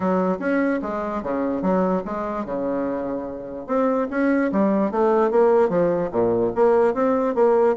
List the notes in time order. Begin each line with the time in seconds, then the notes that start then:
0.00 F#3
0.39 C#4
0.82 G#3
1.22 C#3
1.61 F#3
2.05 G#3
2.45 C#3
3.66 C4
4.10 C#4
4.52 G3
4.91 A3
5.30 A#3
5.69 F3
6.11 A#2
6.55 A#3
6.94 C4
7.35 A#3